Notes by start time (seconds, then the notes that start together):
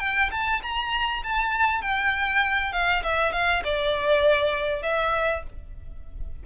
0.00 G5
0.31 A5
0.63 A#5
1.24 A5
1.82 G5
2.73 F5
3.04 E5
3.33 F5
3.64 D5
4.83 E5